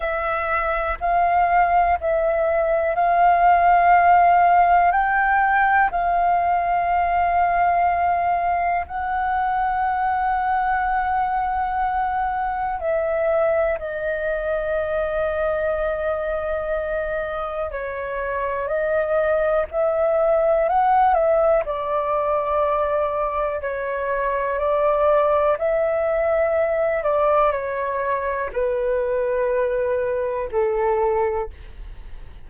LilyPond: \new Staff \with { instrumentName = "flute" } { \time 4/4 \tempo 4 = 61 e''4 f''4 e''4 f''4~ | f''4 g''4 f''2~ | f''4 fis''2.~ | fis''4 e''4 dis''2~ |
dis''2 cis''4 dis''4 | e''4 fis''8 e''8 d''2 | cis''4 d''4 e''4. d''8 | cis''4 b'2 a'4 | }